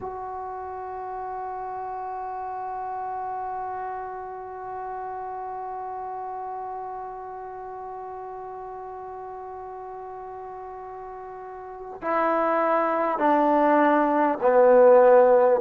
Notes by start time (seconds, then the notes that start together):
0.01 F#4
12.01 E4
13.18 D4
14.41 B3